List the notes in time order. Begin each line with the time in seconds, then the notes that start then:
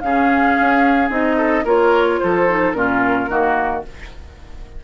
0.00 C#3 C#4 G#4 F5
0.60 C#4
1.09 C4 D#4 D#5
1.37 A4
1.64 A#3 F4 A#4 C#5
2.19 F3 A4 C5
2.48 D#4
2.72 A#2 C#4 F4 A#4
3.28 D#3 A#3 F#4